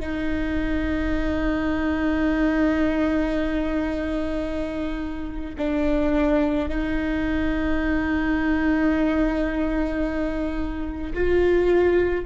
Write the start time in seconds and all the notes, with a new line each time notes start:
0.00 D#4
5.58 D4
6.69 D#4
11.14 F4